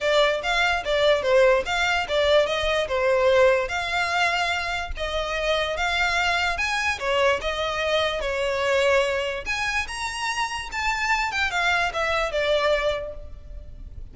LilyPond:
\new Staff \with { instrumentName = "violin" } { \time 4/4 \tempo 4 = 146 d''4 f''4 d''4 c''4 | f''4 d''4 dis''4 c''4~ | c''4 f''2. | dis''2 f''2 |
gis''4 cis''4 dis''2 | cis''2. gis''4 | ais''2 a''4. g''8 | f''4 e''4 d''2 | }